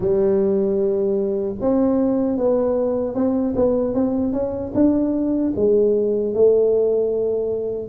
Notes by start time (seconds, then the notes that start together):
0.00 G3
1.60 C4
2.37 B3
3.14 C4
3.55 B3
3.94 C4
4.32 C#4
4.74 D4
5.56 G#3
6.34 A3